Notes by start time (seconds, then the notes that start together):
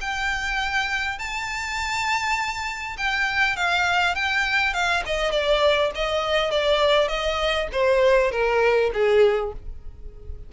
0.00 G5
1.18 A5
2.97 G5
3.56 F5
4.15 G5
4.73 F5
5.05 D#5
5.31 D5
5.94 D#5
6.50 D5
7.08 D#5
7.72 C5
8.31 A#4
8.93 G#4